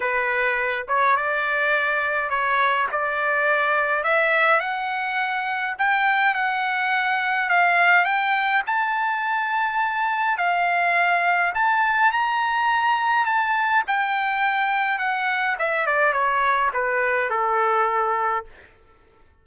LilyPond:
\new Staff \with { instrumentName = "trumpet" } { \time 4/4 \tempo 4 = 104 b'4. cis''8 d''2 | cis''4 d''2 e''4 | fis''2 g''4 fis''4~ | fis''4 f''4 g''4 a''4~ |
a''2 f''2 | a''4 ais''2 a''4 | g''2 fis''4 e''8 d''8 | cis''4 b'4 a'2 | }